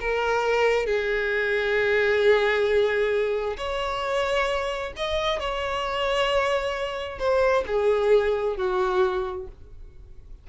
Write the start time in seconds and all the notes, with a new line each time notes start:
0.00 A#4
0.86 G#4
3.57 C#5
4.96 D#5
5.39 C#5
7.19 C5
7.67 G#4
8.57 F#4